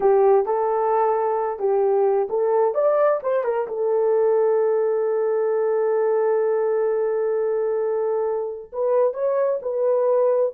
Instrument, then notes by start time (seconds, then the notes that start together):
horn
0.00 G4
0.45 A4
1.59 G4
2.29 A4
2.74 D5
3.22 C5
3.44 A#4
3.67 A4
8.72 B4
9.13 C#5
9.62 B4